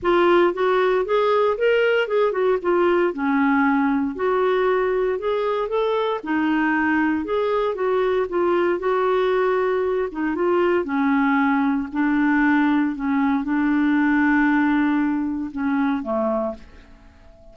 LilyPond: \new Staff \with { instrumentName = "clarinet" } { \time 4/4 \tempo 4 = 116 f'4 fis'4 gis'4 ais'4 | gis'8 fis'8 f'4 cis'2 | fis'2 gis'4 a'4 | dis'2 gis'4 fis'4 |
f'4 fis'2~ fis'8 dis'8 | f'4 cis'2 d'4~ | d'4 cis'4 d'2~ | d'2 cis'4 a4 | }